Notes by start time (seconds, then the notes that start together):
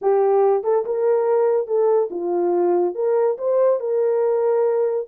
0.01 G4
0.63 A4
0.85 A#4
1.67 A4
2.10 F4
2.95 A#4
3.37 C5
3.80 A#4